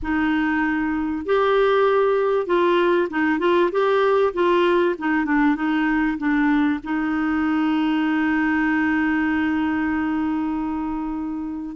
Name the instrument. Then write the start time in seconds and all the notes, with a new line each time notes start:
clarinet
0.02 D#4
1.25 G4
2.46 F4
3.09 D#4
3.39 F4
3.71 G4
4.33 F4
4.98 D#4
5.25 D4
5.55 D#4
6.17 D4
6.84 D#4